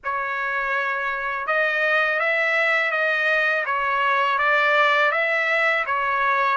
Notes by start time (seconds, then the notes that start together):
0.04 C#5
1.46 D#5
2.19 E5
2.91 D#5
3.65 C#5
4.38 D5
5.11 E5
5.85 C#5